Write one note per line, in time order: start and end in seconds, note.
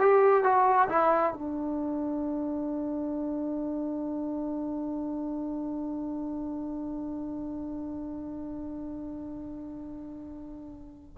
0.00 0.44 G4
0.44 0.88 F#4
0.88 1.33 E4
1.33 11.18 D4